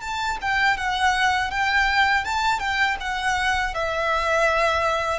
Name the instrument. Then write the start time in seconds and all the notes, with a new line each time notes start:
violin
0.00 A5
0.41 G5
0.76 F#5
1.50 G5
2.24 A5
2.59 G5
3.00 F#5
3.74 E5